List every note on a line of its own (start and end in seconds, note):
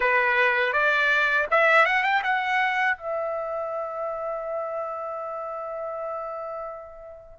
0.00 0.72 B4
0.72 1.46 D5
1.51 1.85 E5
1.85 2.03 F#5
2.03 2.22 G5
2.23 2.97 F#5
2.97 7.38 E5